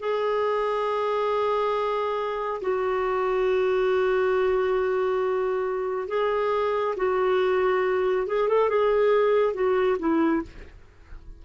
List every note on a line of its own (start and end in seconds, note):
0.00 2.61 G#4
2.61 6.08 F#4
6.08 6.95 G#4
6.96 8.27 F#4
8.27 8.48 G#4
8.48 8.69 A4
8.69 9.53 G#4
9.53 9.97 F#4
9.99 10.42 E4